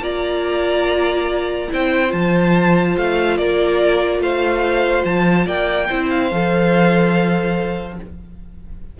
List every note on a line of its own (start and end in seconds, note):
0.00 1.68 A#3
0.00 1.69 F4
0.00 1.70 D5
0.00 1.72 A#5
1.69 2.13 C4
1.69 2.09 E4
1.69 3.38 C5
1.69 2.12 G5
2.09 2.97 F3
2.09 5.87 F4
2.09 2.96 A5
2.97 3.38 A3
2.97 3.38 F5
3.38 4.19 A#3
3.38 4.22 A#4
3.38 4.22 D5
4.19 5.03 A3
4.19 5.46 C5
4.19 5.05 F5
5.05 5.46 F3
5.05 5.47 A5
5.46 5.88 A#3
5.46 5.88 D5
5.46 6.10 G5
5.88 6.32 C4
5.88 6.32 E4
5.88 7.98 C5
6.10 7.99 F5
6.32 8.00 F3
6.32 8.00 A4